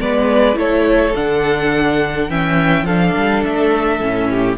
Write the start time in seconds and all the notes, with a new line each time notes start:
0.00 G#3 B3 B4 D5
0.54 A3 E4 A4 C#5
1.16 D3 D4 F#5
2.29 E3 C#4 E5 G5
2.83 F3 D4 A4 F5
3.16 G3
3.44 A3 E5
4.00 A2 C#4
4.30 G4